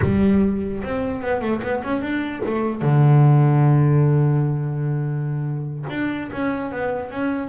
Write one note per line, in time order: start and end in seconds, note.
0.01 0.82 G3
0.83 1.21 C4
1.21 1.41 B3
1.41 1.61 A3
1.62 1.82 B3
1.83 2.01 C#4
2.01 2.42 D4
2.45 2.81 A3
2.81 5.85 D3
5.89 6.30 D4
6.31 6.71 C#4
6.71 7.11 B3
7.11 7.49 C#4